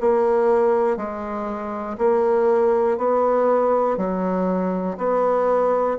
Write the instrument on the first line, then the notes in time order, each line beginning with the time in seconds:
bassoon
0.00 A#3
0.97 G#3
1.98 A#3
2.97 B3
3.97 F#3
4.97 B3